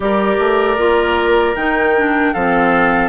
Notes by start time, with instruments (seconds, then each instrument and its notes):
0.00 bassoon G3, clarinet G4, oboe A#4, flute D5
0.38 bassoon A3
0.77 bassoon A#3, clarinet F4
1.55 bassoon D#3, clarinet D#4, flute G5
1.96 clarinet D4
2.33 bassoon F3, clarinet C4, oboe A4, flute F5